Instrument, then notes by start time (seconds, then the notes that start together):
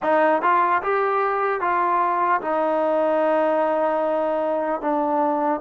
trombone
0.02 D#4
0.42 F4
0.82 G4
1.60 F4
2.41 D#4
4.81 D4